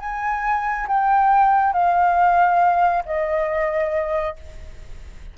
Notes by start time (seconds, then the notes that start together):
0.00 G#5
0.87 G5
1.73 F5
3.05 D#5